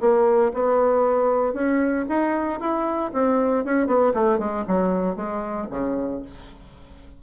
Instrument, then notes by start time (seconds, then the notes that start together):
bassoon
0.00 A#3
0.53 B3
1.53 C#4
2.08 D#4
2.60 E4
3.13 C4
3.64 C#4
3.87 B3
4.14 A3
4.38 G#3
4.67 F#3
5.16 G#3
5.70 C#3